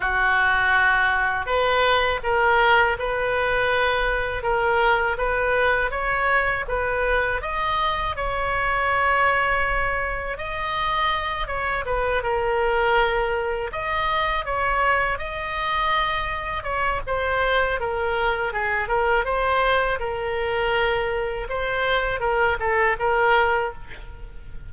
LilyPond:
\new Staff \with { instrumentName = "oboe" } { \time 4/4 \tempo 4 = 81 fis'2 b'4 ais'4 | b'2 ais'4 b'4 | cis''4 b'4 dis''4 cis''4~ | cis''2 dis''4. cis''8 |
b'8 ais'2 dis''4 cis''8~ | cis''8 dis''2 cis''8 c''4 | ais'4 gis'8 ais'8 c''4 ais'4~ | ais'4 c''4 ais'8 a'8 ais'4 | }